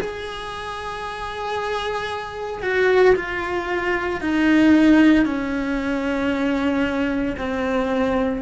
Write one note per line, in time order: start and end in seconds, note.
0.00 2.62 G#4
2.62 3.15 F#4
3.15 4.21 F4
4.21 5.25 D#4
5.25 7.35 C#4
7.38 8.41 C4